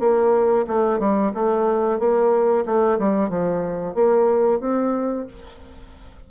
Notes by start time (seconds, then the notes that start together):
0.00 A#3
0.67 A3
1.00 G3
1.34 A3
1.99 A#3
2.66 A3
2.99 G3
3.30 F3
3.95 A#3
4.60 C4